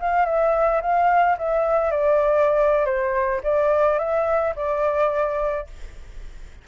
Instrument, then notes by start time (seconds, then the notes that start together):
flute
0.00 F5
0.26 E5
0.82 F5
1.38 E5
1.91 D5
2.86 C5
3.43 D5
3.99 E5
4.56 D5